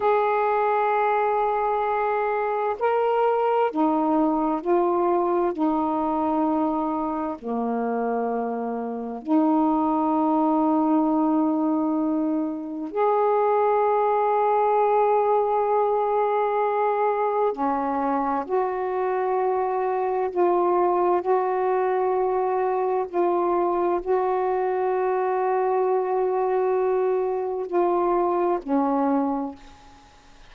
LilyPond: \new Staff \with { instrumentName = "saxophone" } { \time 4/4 \tempo 4 = 65 gis'2. ais'4 | dis'4 f'4 dis'2 | ais2 dis'2~ | dis'2 gis'2~ |
gis'2. cis'4 | fis'2 f'4 fis'4~ | fis'4 f'4 fis'2~ | fis'2 f'4 cis'4 | }